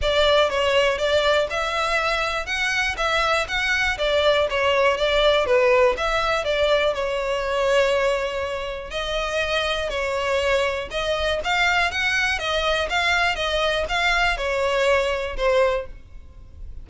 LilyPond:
\new Staff \with { instrumentName = "violin" } { \time 4/4 \tempo 4 = 121 d''4 cis''4 d''4 e''4~ | e''4 fis''4 e''4 fis''4 | d''4 cis''4 d''4 b'4 | e''4 d''4 cis''2~ |
cis''2 dis''2 | cis''2 dis''4 f''4 | fis''4 dis''4 f''4 dis''4 | f''4 cis''2 c''4 | }